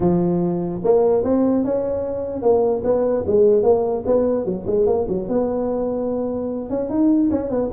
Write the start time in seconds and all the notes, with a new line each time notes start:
0.00 F3
0.84 A#3
1.23 C4
1.64 C#4
2.41 A#3
2.84 B3
3.26 G#3
3.62 A#3
4.06 B3
4.45 F#3
4.66 G#3
4.86 A#3
5.08 F#3
5.28 B3
6.69 C#4
6.89 D#4
7.30 C#4
7.49 B3